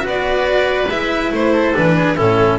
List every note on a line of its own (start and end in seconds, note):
0.00 0.88 B3
0.00 0.85 F#4
0.00 1.52 B4
0.08 0.90 D5
0.88 1.30 G#3
0.88 1.73 E4
0.88 1.32 E5
1.31 1.74 A3
1.31 1.76 C5
1.52 1.95 A4
1.73 2.19 E3
1.73 2.16 D4
1.73 2.17 B4
1.96 2.16 G#4
2.16 2.59 A2
2.16 2.59 C#4
2.16 2.59 E4
2.16 2.59 A4